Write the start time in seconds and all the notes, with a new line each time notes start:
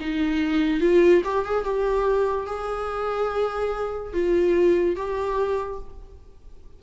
0.00 D#4
0.80 F4
1.24 G4
1.45 G#4
1.64 G4
2.46 G#4
4.13 F4
4.95 G4